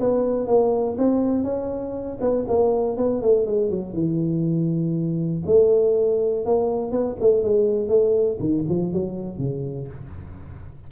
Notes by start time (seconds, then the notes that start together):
0.00 B3
0.47 A#3
0.98 C4
1.44 C#4
2.21 B3
2.48 A#3
2.97 B3
3.22 A3
3.47 G#3
3.70 F#3
3.94 E3
5.46 A3
6.46 A#3
6.92 B3
7.20 A3
7.44 G#3
7.89 A3
8.40 D#3
8.69 F3
8.93 F#3
9.38 C#3